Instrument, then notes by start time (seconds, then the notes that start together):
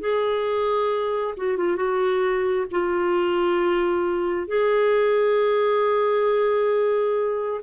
clarinet
0.00 G#4
1.37 F#4
1.57 F4
1.76 F#4
2.71 F4
4.47 G#4